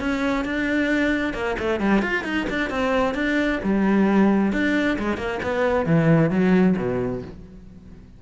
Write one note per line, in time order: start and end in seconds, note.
0.00 0.45 C#4
0.45 1.34 D4
1.34 1.56 A#3
1.60 1.80 A3
1.80 2.02 G3
2.02 2.25 F4
2.25 2.47 D#4
2.50 2.70 D4
2.70 3.15 C4
3.15 3.60 D4
3.64 4.53 G3
4.53 4.98 D4
4.99 5.17 G#3
5.17 5.40 A#3
5.43 5.87 B3
5.87 6.31 E3
6.31 6.76 F#3
6.77 7.22 B2